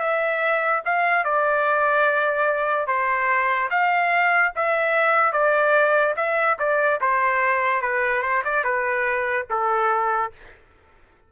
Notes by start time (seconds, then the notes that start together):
0.00 E5
0.85 F5
1.24 D5
2.87 C5
3.70 F5
4.55 E5
5.32 D5
6.16 E5
6.59 D5
7.01 C5
7.82 B4
8.22 C5
8.44 D5
8.64 B4
9.50 A4